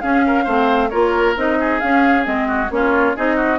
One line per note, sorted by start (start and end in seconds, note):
0.00 0.45 C#4
0.00 0.46 C#4
0.00 0.25 G#4
0.00 0.89 F5
0.26 0.44 A#4
0.44 0.91 A3
0.44 0.90 C4
0.44 0.88 C5
0.89 1.36 A#3
0.89 1.36 F4
0.89 1.57 A#4
0.89 1.34 C#5
1.36 1.81 C4
1.36 1.81 D#4
1.36 1.79 D#5
1.60 2.47 G#4
1.79 2.23 C#4
1.79 2.26 C#4
1.79 2.24 F5
2.23 2.70 G#3
2.23 2.67 C4
2.23 2.70 D#5
2.47 2.70 F#4
2.70 3.15 A#3
2.70 3.15 C#4
2.70 3.16 F4
2.70 3.16 C#5
3.15 3.58 C4
3.15 3.58 D#4
3.15 3.36 G#4
3.15 3.58 D#5
3.36 3.58 F#4